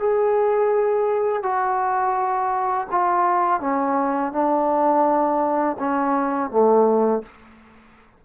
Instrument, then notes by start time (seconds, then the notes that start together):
trombone
0.00 G#4
1.43 F#4
2.91 F4
3.61 C#4
4.33 D4
5.79 C#4
6.51 A3